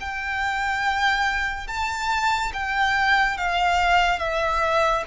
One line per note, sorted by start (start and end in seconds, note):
0.00 1.67 G5
1.67 2.52 A5
2.53 3.37 G5
3.37 4.19 F5
4.19 5.04 E5